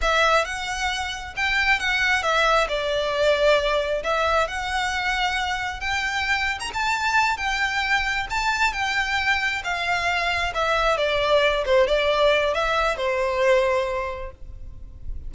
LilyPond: \new Staff \with { instrumentName = "violin" } { \time 4/4 \tempo 4 = 134 e''4 fis''2 g''4 | fis''4 e''4 d''2~ | d''4 e''4 fis''2~ | fis''4 g''4.~ g''16 ais''16 a''4~ |
a''8 g''2 a''4 g''8~ | g''4. f''2 e''8~ | e''8 d''4. c''8 d''4. | e''4 c''2. | }